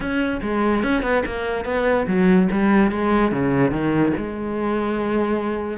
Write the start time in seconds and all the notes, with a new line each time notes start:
0.00 C#4
0.42 G#3
0.83 C#4
1.02 B3
1.26 A#3
1.65 B3
2.07 F#3
2.51 G3
2.91 G#3
3.31 C#3
3.71 D#3
4.17 G#3